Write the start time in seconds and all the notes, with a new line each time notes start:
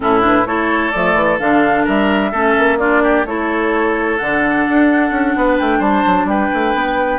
0.00 A2 C#4 E4 A4
0.20 D4 B4
0.45 A3 E4 A4 C#5
0.91 F3 A3 D5
1.14 E3
1.39 D3 D4 F5
1.84 G3 A#4 E5
2.31 A3 C#4 A4
2.58 A#3
2.78 D4 F4 D5
3.02 G4
3.25 A3 E4 A4 C#5
4.17 D3 D4 F#5
4.68 D4
5.10 C#4
5.36 B3 B4
5.58 A3 G5
5.79 G3 C5 A5
6.06 F#3
6.24 G3 B4 G5
6.53 A3
6.74 B3